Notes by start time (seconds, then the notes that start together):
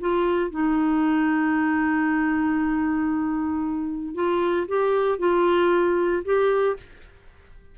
0.00 F4
0.51 D#4
4.14 F4
4.67 G4
5.18 F4
6.24 G4